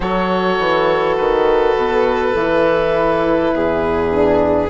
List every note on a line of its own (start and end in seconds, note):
0.00 0.59 F#3
0.00 2.35 F#4
0.00 3.54 A4
0.00 1.16 C#5
0.59 1.17 E3
1.16 1.75 D#3
1.16 4.69 B4
1.75 2.34 B2
2.34 3.52 E3
2.34 4.10 E4
3.53 4.69 E2
3.53 4.69 G#4
4.10 4.69 D4